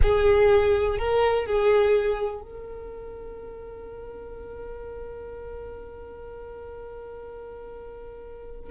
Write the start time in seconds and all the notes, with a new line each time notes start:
0.02 G#4
0.98 A#4
1.46 G#4
2.41 A#4